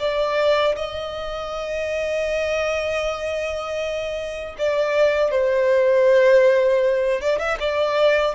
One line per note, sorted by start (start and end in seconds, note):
0.00 0.76 D5
0.76 4.56 D#5
4.58 5.31 D5
5.31 7.21 C5
7.22 7.39 D5
7.39 7.58 E5
7.60 8.35 D5